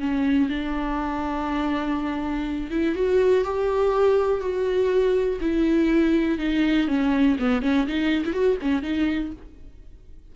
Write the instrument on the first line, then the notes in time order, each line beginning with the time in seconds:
viola
0.00 C#4
0.49 D4
2.71 E4
2.95 F#4
3.44 G4
4.41 F#4
5.41 E4
6.39 D#4
6.88 C#4
7.39 B3
7.62 C#4
7.87 D#4
8.25 E4
8.33 F#4
8.62 C#4
8.82 D#4